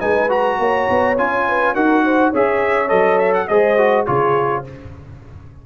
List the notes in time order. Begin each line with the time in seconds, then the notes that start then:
0.00 G#3 D#4 B4 G#5
0.29 F#4 A#5
0.59 A#3 C#5
0.90 B3
1.18 C#4 F4 G#5
1.48 B4
1.75 D#4 F#4 A#4 F#5
2.05 C5
2.30 C#4 G#4 C#5 E5
2.88 F#3 A4 D#5
3.18 E5
3.34 F#5
3.48 G#3 G#4 C5 D#5
3.78 F#4
4.06 C#3 F4 G#4 C#5